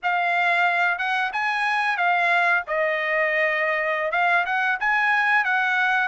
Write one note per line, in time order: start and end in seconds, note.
0.02 0.98 F5
0.98 1.31 F#5
1.32 1.97 G#5
1.97 2.63 F5
2.67 4.11 D#5
4.11 4.44 F5
4.45 4.78 F#5
4.80 5.44 G#5
5.44 6.07 F#5